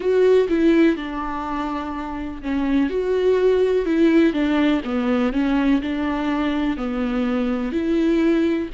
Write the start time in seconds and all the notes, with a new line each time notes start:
0.00 F#4
0.48 E4
0.96 D4
2.41 C#4
2.89 F#4
3.85 E4
4.33 D4
4.84 B3
5.32 C#4
5.81 D4
6.77 B3
7.72 E4